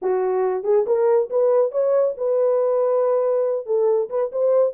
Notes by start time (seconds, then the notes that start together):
0.01 F#4
0.63 G#4
0.86 A#4
1.29 B4
1.71 C#5
2.17 B4
3.66 A4
4.09 B4
4.32 C5